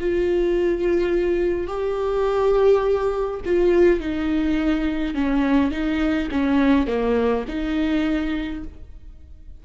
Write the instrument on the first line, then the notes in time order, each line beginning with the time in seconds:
viola
0.00 F4
1.67 G4
3.45 F4
4.00 D#4
5.14 C#4
5.71 D#4
6.31 C#4
6.87 A#3
7.48 D#4